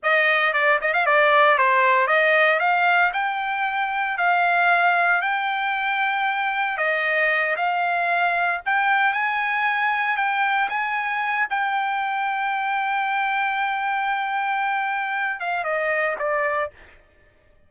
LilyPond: \new Staff \with { instrumentName = "trumpet" } { \time 4/4 \tempo 4 = 115 dis''4 d''8 dis''16 f''16 d''4 c''4 | dis''4 f''4 g''2 | f''2 g''2~ | g''4 dis''4. f''4.~ |
f''8 g''4 gis''2 g''8~ | g''8 gis''4. g''2~ | g''1~ | g''4. f''8 dis''4 d''4 | }